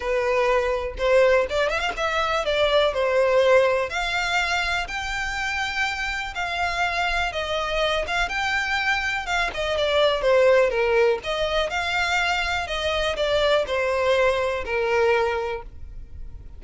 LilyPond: \new Staff \with { instrumentName = "violin" } { \time 4/4 \tempo 4 = 123 b'2 c''4 d''8 e''16 f''16 | e''4 d''4 c''2 | f''2 g''2~ | g''4 f''2 dis''4~ |
dis''8 f''8 g''2 f''8 dis''8 | d''4 c''4 ais'4 dis''4 | f''2 dis''4 d''4 | c''2 ais'2 | }